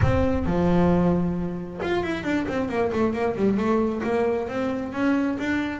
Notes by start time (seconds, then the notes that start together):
0.02 C4
0.45 F3
1.82 F4
2.03 E4
2.23 D4
2.47 C4
2.68 A#3
2.92 A3
3.13 A#3
3.36 G3
3.57 A3
4.03 A#3
4.48 C4
4.92 C#4
5.39 D4